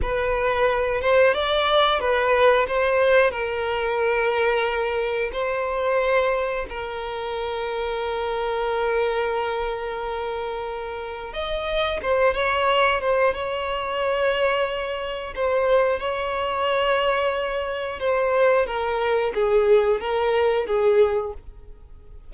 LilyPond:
\new Staff \with { instrumentName = "violin" } { \time 4/4 \tempo 4 = 90 b'4. c''8 d''4 b'4 | c''4 ais'2. | c''2 ais'2~ | ais'1~ |
ais'4 dis''4 c''8 cis''4 c''8 | cis''2. c''4 | cis''2. c''4 | ais'4 gis'4 ais'4 gis'4 | }